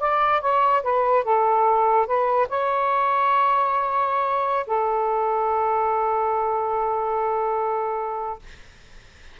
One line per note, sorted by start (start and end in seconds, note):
0.00 0.41 D5
0.41 0.83 C#5
0.83 1.24 B4
1.24 2.07 A4
2.07 2.48 B4
2.49 4.66 C#5
4.67 8.39 A4